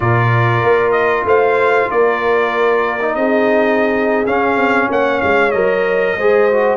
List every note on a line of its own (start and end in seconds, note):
0.00 0.62 A#2
0.00 2.99 F4
0.00 1.26 A#4
0.00 0.91 D5
0.62 1.24 A#3
0.91 1.23 D#5
1.24 1.87 A3
1.24 1.89 C5
1.24 1.90 F5
1.90 3.15 A#3
1.90 3.16 A#4
1.90 3.15 D5
3.01 4.26 D#4
3.15 4.26 C4
3.15 4.89 G#4
3.15 4.25 D#5
4.26 5.52 C#4
4.26 4.56 C#4
4.26 4.89 F5
4.56 4.87 C4
4.89 5.21 A#3
4.89 6.16 C#5
4.89 5.21 F#5
5.21 5.53 G#3
5.21 5.51 F5
5.51 6.17 F#3
5.51 6.17 A#4
5.51 6.76 D#5
6.16 6.76 G#3
6.16 6.51 G#4
6.16 6.76 C5
6.51 6.76 F#4